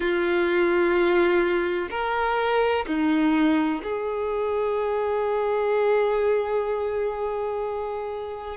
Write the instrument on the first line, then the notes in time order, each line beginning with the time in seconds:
violin
0.00 F4
1.90 A#4
2.87 D#4
3.83 G#4